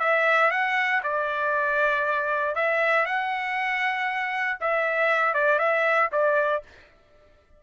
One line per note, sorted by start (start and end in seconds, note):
0.00 0.51 E5
0.51 1.02 F#5
1.03 2.56 D5
2.56 3.06 E5
3.06 4.58 F#5
4.61 5.34 E5
5.34 5.59 D5
5.59 6.10 E5
6.12 6.63 D5